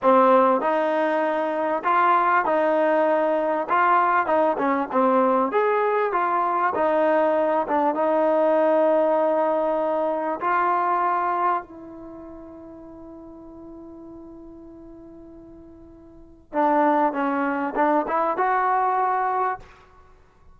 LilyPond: \new Staff \with { instrumentName = "trombone" } { \time 4/4 \tempo 4 = 98 c'4 dis'2 f'4 | dis'2 f'4 dis'8 cis'8 | c'4 gis'4 f'4 dis'4~ | dis'8 d'8 dis'2.~ |
dis'4 f'2 e'4~ | e'1~ | e'2. d'4 | cis'4 d'8 e'8 fis'2 | }